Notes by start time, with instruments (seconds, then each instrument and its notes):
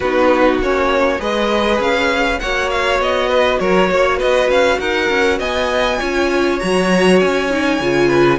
0.00 cello B3, viola D#4, violin F#4 B4
0.59 cello A#3, viola C#4, violin C#5
1.18 cello G#3, viola G#4, violin B4 D#5
1.79 cello C#4, violin F5
2.39 cello A#3, viola F#4, violin C#5 F#5
2.70 violin F5
2.99 cello B3, violin D#5
3.29 violin B4
3.59 cello F#3, violin A#4 C#5
3.90 cello A#3, violin C#5
4.17 violin B4 D#5
4.23 cello B3
4.49 cello C#4, violin F5
4.79 cello D#4, violin A#4 F#5
5.09 cello C#4
5.38 cello B3, violin D#5 G#5
5.98 cello C#4, viola F4, violin C#5
6.59 cello F#3, viola F#4, violin A#5
7.19 cello C#4, violin G#5
7.50 viola D#4
7.80 cello C#3, viola F4
8.08 violin B4